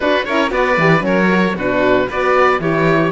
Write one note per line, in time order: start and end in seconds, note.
0.00 0.26 D4
0.00 0.28 D4
0.00 0.26 F#4
0.00 0.24 B4
0.24 0.51 C#4
0.24 0.50 E4
0.24 0.52 A#4
0.24 0.50 C#5
0.50 0.77 B3
0.50 0.76 F#4
0.50 1.05 B4
0.50 1.04 D5
0.77 1.00 E3
0.77 1.00 G4
1.00 1.52 F#3
1.00 1.26 C#4
1.00 1.55 A#4
1.00 1.57 C#5
1.30 1.56 F#4
1.55 2.07 B2
1.55 2.10 D4
1.55 2.07 F#4
1.55 2.10 B4
2.08 2.59 B3
2.08 2.61 F#4
2.08 2.60 B4
2.08 2.61 D5
2.59 3.11 E3
2.59 3.11 E4
2.59 3.11 G4
2.59 3.11 C#5